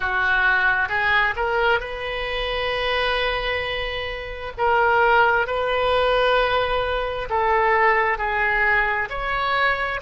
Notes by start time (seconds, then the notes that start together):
0.00 F#4
0.88 G#4
1.36 A#4
1.79 B4
4.57 A#4
5.46 B4
7.29 A4
8.17 G#4
9.09 C#5